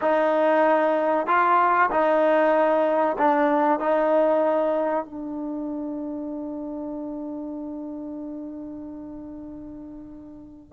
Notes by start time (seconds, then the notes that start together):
0.01 D#4
1.26 F4
1.90 D#4
3.18 D4
3.79 D#4
5.05 D4